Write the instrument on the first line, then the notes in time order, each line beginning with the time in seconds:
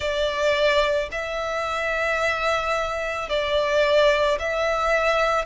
violin
0.00 D5
1.12 E5
3.29 D5
4.39 E5